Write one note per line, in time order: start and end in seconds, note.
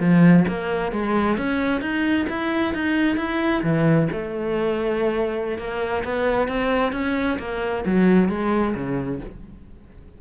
0.00 0.45 F3
0.48 0.92 A#3
0.92 1.37 G#3
1.37 1.81 C#4
1.81 2.26 D#4
2.29 2.74 E4
2.74 3.17 D#4
3.17 3.62 E4
3.63 4.08 E3
4.12 5.58 A3
5.58 6.04 A#3
6.04 6.48 B3
6.48 6.92 C4
6.92 7.38 C#4
7.39 7.84 A#3
7.85 8.29 F#3
8.29 8.74 G#3
8.75 9.20 C#3